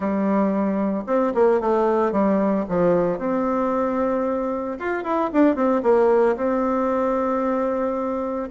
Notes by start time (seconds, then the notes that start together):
0.00 G3
1.06 C4
1.34 A#3
1.60 A3
2.12 G3
2.68 F3
3.18 C4
4.79 F4
5.03 E4
5.32 D4
5.55 C4
5.83 A#3
6.36 C4